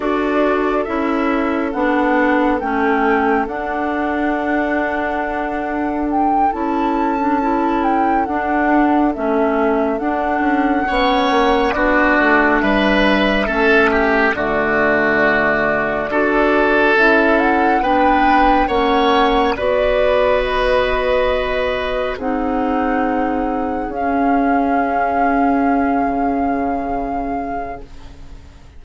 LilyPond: <<
  \new Staff \with { instrumentName = "flute" } { \time 4/4 \tempo 4 = 69 d''4 e''4 fis''4 g''4 | fis''2. g''8 a''8~ | a''4 g''8 fis''4 e''4 fis''8~ | fis''4. d''4 e''4.~ |
e''8 d''2. e''8 | fis''8 g''4 fis''4 d''4 dis''8~ | dis''4. fis''2 f''8~ | f''1 | }
  \new Staff \with { instrumentName = "oboe" } { \time 4/4 a'1~ | a'1~ | a'1~ | a'8 cis''4 fis'4 b'4 a'8 |
g'8 fis'2 a'4.~ | a'8 b'4 cis''4 b'4.~ | b'4. gis'2~ gis'8~ | gis'1 | }
  \new Staff \with { instrumentName = "clarinet" } { \time 4/4 fis'4 e'4 d'4 cis'4 | d'2.~ d'8 e'8~ | e'16 d'16 e'4 d'4 cis'4 d'8~ | d'8 cis'4 d'2 cis'8~ |
cis'8 a2 fis'4 e'8~ | e'8 d'4 cis'4 fis'4.~ | fis'4. dis'2 cis'8~ | cis'1 | }
  \new Staff \with { instrumentName = "bassoon" } { \time 4/4 d'4 cis'4 b4 a4 | d'2.~ d'8 cis'8~ | cis'4. d'4 a4 d'8 | cis'8 b8 ais8 b8 a8 g4 a8~ |
a8 d2 d'4 cis'8~ | cis'8 b4 ais4 b4.~ | b4. c'2 cis'8~ | cis'2 cis2 | }
>>